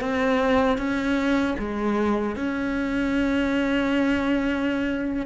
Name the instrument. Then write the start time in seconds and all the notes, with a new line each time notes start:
cello
0.00 C4
0.78 C#4
1.58 G#3
2.36 C#4